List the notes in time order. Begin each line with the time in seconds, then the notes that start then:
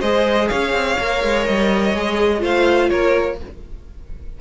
0.00 G#3 G#4 C5 D#5
0.48 C#4 C#5 F5
0.72 C4
0.99 A#3 A#4
1.23 G#3
1.45 G3 D#5
1.94 G#3 G#4
2.39 A3 F4 C5 F5
2.89 A#3 A#4 C#5